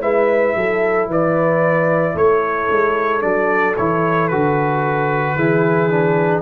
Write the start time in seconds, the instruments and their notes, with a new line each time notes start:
0.00 tuba G#3, trombone E4, horn B4, trumpet E5
0.56 tuba F#3, horn A4
1.06 tuba E3, horn B4, trumpet D5
2.14 tuba A3, horn A4, trumpet C#5
2.71 tuba G#3
3.20 tuba F#3, trombone D4, trumpet D5
3.77 tuba E3, trombone E4, trumpet C#5
4.28 tuba D3, trombone F#4, trumpet B4
5.35 tuba E3, trombone E4, horn G#4
5.90 trombone D4